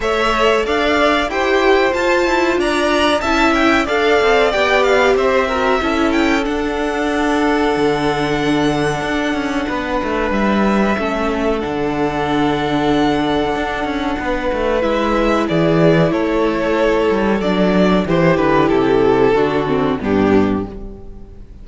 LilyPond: <<
  \new Staff \with { instrumentName = "violin" } { \time 4/4 \tempo 4 = 93 e''4 f''4 g''4 a''4 | ais''4 a''8 g''8 f''4 g''8 f''8 | e''4. g''8 fis''2~ | fis''1 |
e''2 fis''2~ | fis''2. e''4 | d''4 cis''2 d''4 | c''8 b'8 a'2 g'4 | }
  \new Staff \with { instrumentName = "violin" } { \time 4/4 cis''4 d''4 c''2 | d''4 e''4 d''2 | c''8 ais'8 a'2.~ | a'2. b'4~ |
b'4 a'2.~ | a'2 b'2 | gis'4 a'2. | g'2 fis'4 d'4 | }
  \new Staff \with { instrumentName = "viola" } { \time 4/4 a'2 g'4 f'4~ | f'4 e'4 a'4 g'4~ | g'8 fis'8 e'4 d'2~ | d'1~ |
d'4 cis'4 d'2~ | d'2. e'4~ | e'2. d'4 | e'2 d'8 c'8 b4 | }
  \new Staff \with { instrumentName = "cello" } { \time 4/4 a4 d'4 e'4 f'8 e'8 | d'4 cis'4 d'8 c'8 b4 | c'4 cis'4 d'2 | d2 d'8 cis'8 b8 a8 |
g4 a4 d2~ | d4 d'8 cis'8 b8 a8 gis4 | e4 a4. g8 fis4 | e8 d8 c4 d4 g,4 | }
>>